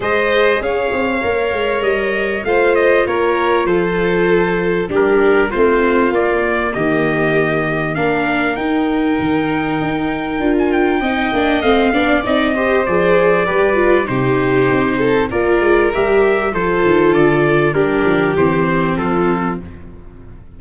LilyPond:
<<
  \new Staff \with { instrumentName = "trumpet" } { \time 4/4 \tempo 4 = 98 dis''4 f''2 dis''4 | f''8 dis''8 cis''4 c''2 | ais'4 c''4 d''4 dis''4~ | dis''4 f''4 g''2~ |
g''4~ g''16 gis''16 g''4. f''4 | dis''4 d''2 c''4~ | c''4 d''4 e''4 c''4 | d''4 ais'4 c''4 a'4 | }
  \new Staff \with { instrumentName = "violin" } { \time 4/4 c''4 cis''2. | c''4 ais'4 a'2 | g'4 f'2 g'4~ | g'4 ais'2.~ |
ais'2 dis''4. d''8~ | d''8 c''4. b'4 g'4~ | g'8 a'8 ais'2 a'4~ | a'4 g'2 f'4 | }
  \new Staff \with { instrumentName = "viola" } { \time 4/4 gis'2 ais'2 | f'1 | d'4 c'4 ais2~ | ais4 d'4 dis'2~ |
dis'4 f'4 dis'8 d'8 c'8 d'8 | dis'8 g'8 gis'4 g'8 f'8 dis'4~ | dis'4 f'4 g'4 f'4~ | f'4 d'4 c'2 | }
  \new Staff \with { instrumentName = "tuba" } { \time 4/4 gis4 cis'8 c'8 ais8 gis8 g4 | a4 ais4 f2 | g4 a4 ais4 dis4~ | dis4 ais4 dis'4 dis4 |
dis'4 d'4 c'8 ais8 a8 b8 | c'4 f4 g4 c4 | c'4 ais8 gis8 g4 f8 dis8 | d4 g8 f8 e4 f4 | }
>>